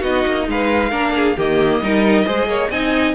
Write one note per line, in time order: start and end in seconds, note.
0.00 0.25 B3
0.00 0.90 D#4
0.00 0.44 F#4
0.00 0.47 D#5
0.26 0.47 A#3
0.47 0.92 G#3
0.47 0.90 B4
0.47 1.39 F5
0.90 1.36 A#3
0.90 1.36 D4
0.90 1.12 A#4
1.16 1.37 G#4
1.37 1.81 D#3
1.37 1.82 A#3
1.37 1.81 G4
1.37 2.71 D#5
1.81 2.25 G3
1.81 2.26 D#4
1.81 2.26 A#4
2.26 2.46 G#3
2.26 2.70 G#4
2.26 2.48 C5
2.46 2.69 A#3
2.46 2.70 C#5
2.70 3.14 C4
2.70 3.15 D#4
2.70 3.15 D#5
2.70 3.15 G#5